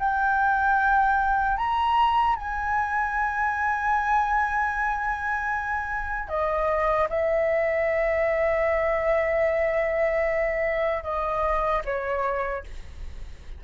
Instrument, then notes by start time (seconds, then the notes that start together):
flute
0.00 G5
1.58 A#5
2.36 G#5
6.29 D#5
7.10 E5
11.04 D#5
11.85 C#5